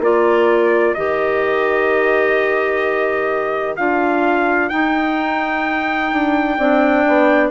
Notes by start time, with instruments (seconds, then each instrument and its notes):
0.00 bassoon A#3, clarinet F4, horn A#4, trumpet D5
0.95 bassoon D#3, clarinet G4, trumpet D#5
3.77 bassoon D4, clarinet F4, trumpet F5
4.70 clarinet D#4, bassoon D#4, trumpet G5
6.13 bassoon D4
6.58 bassoon C4, clarinet D4, horn D5
7.08 bassoon B3